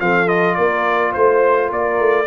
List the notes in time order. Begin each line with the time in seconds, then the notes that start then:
0.00 F3 C4 A4 F5
0.27 F4 D#5
0.55 A#3 A#4 D5
1.12 A3 C5
1.68 A#3 A#4 D5
1.99 A3